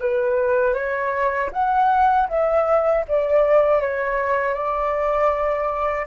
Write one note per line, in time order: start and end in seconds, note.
0.00 0.74 B4
0.74 1.50 C#5
1.52 2.28 F#5
2.29 3.04 E5
3.08 3.81 D5
3.81 4.54 C#5
4.54 6.06 D5